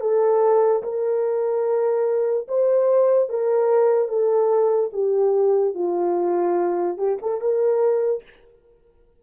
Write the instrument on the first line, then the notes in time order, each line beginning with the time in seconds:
horn
0.00 A4
0.83 A#4
2.48 C5
3.29 A#4
4.08 A4
4.93 G4
5.74 F4
6.97 G4
7.21 A4
7.40 A#4